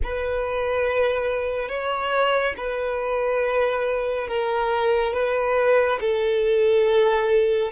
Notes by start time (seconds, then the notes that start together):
0.03 B4
1.68 C#5
2.57 B4
4.27 A#4
5.13 B4
6.00 A4